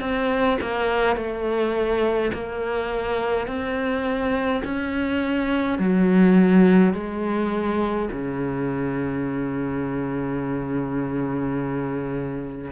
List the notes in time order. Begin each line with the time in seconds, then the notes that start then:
0.00 C4
0.61 A#3
1.16 A3
2.33 A#3
3.47 C4
4.64 C#4
5.78 F#3
6.93 G#3
8.11 C#3